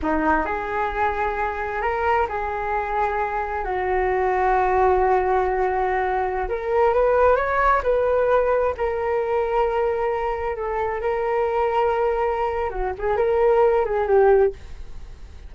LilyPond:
\new Staff \with { instrumentName = "flute" } { \time 4/4 \tempo 4 = 132 dis'4 gis'2. | ais'4 gis'2. | fis'1~ | fis'2~ fis'16 ais'4 b'8.~ |
b'16 cis''4 b'2 ais'8.~ | ais'2.~ ais'16 a'8.~ | a'16 ais'2.~ ais'8. | fis'8 gis'8 ais'4. gis'8 g'4 | }